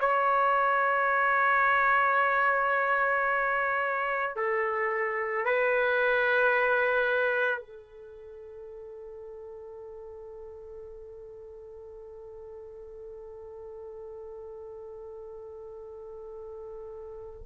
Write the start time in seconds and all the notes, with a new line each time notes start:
0.00 C#5
4.36 A4
5.45 B4
7.60 A4